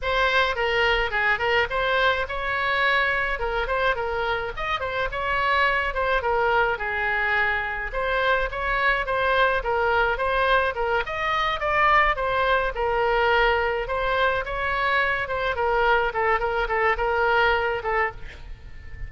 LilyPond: \new Staff \with { instrumentName = "oboe" } { \time 4/4 \tempo 4 = 106 c''4 ais'4 gis'8 ais'8 c''4 | cis''2 ais'8 c''8 ais'4 | dis''8 c''8 cis''4. c''8 ais'4 | gis'2 c''4 cis''4 |
c''4 ais'4 c''4 ais'8 dis''8~ | dis''8 d''4 c''4 ais'4.~ | ais'8 c''4 cis''4. c''8 ais'8~ | ais'8 a'8 ais'8 a'8 ais'4. a'8 | }